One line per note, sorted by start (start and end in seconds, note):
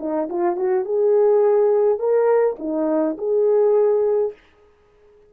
0.00 0.29 D#4
0.29 0.56 F4
0.56 0.85 F#4
0.85 1.99 G#4
1.99 2.57 A#4
2.59 3.17 D#4
3.18 4.33 G#4